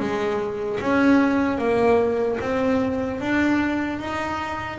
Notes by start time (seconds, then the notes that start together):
0.00 G#3
0.80 C#4
1.58 A#3
2.41 C4
3.21 D4
3.99 D#4